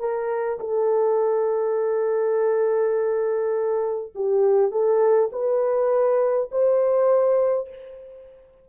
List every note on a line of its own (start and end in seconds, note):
0.00 0.59 A#4
0.60 4.13 A4
4.15 4.72 G4
4.72 5.30 A4
5.33 6.50 B4
6.52 7.70 C5